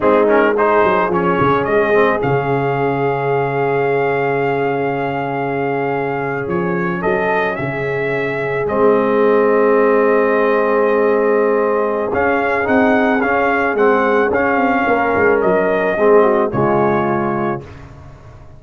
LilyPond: <<
  \new Staff \with { instrumentName = "trumpet" } { \time 4/4 \tempo 4 = 109 gis'8 ais'8 c''4 cis''4 dis''4 | f''1~ | f''2.~ f''8. cis''16~ | cis''8. dis''4 e''2 dis''16~ |
dis''1~ | dis''2 f''4 fis''4 | f''4 fis''4 f''2 | dis''2 cis''2 | }
  \new Staff \with { instrumentName = "horn" } { \time 4/4 dis'4 gis'2.~ | gis'1~ | gis'1~ | gis'8. a'4 gis'2~ gis'16~ |
gis'1~ | gis'1~ | gis'2. ais'4~ | ais'4 gis'8 fis'8 f'2 | }
  \new Staff \with { instrumentName = "trombone" } { \time 4/4 c'8 cis'8 dis'4 cis'4. c'8 | cis'1~ | cis'1~ | cis'2.~ cis'8. c'16~ |
c'1~ | c'2 cis'4 dis'4 | cis'4 c'4 cis'2~ | cis'4 c'4 gis2 | }
  \new Staff \with { instrumentName = "tuba" } { \time 4/4 gis4. fis8 f8 cis8 gis4 | cis1~ | cis2.~ cis8. f16~ | f8. fis4 cis2 gis16~ |
gis1~ | gis2 cis'4 c'4 | cis'4 gis4 cis'8 c'8 ais8 gis8 | fis4 gis4 cis2 | }
>>